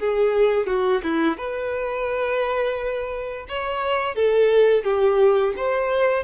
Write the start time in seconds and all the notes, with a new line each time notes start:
0.00 G#4
0.67 F#4
1.03 E4
1.37 B4
3.49 C#5
4.15 A4
4.84 G4
5.57 C5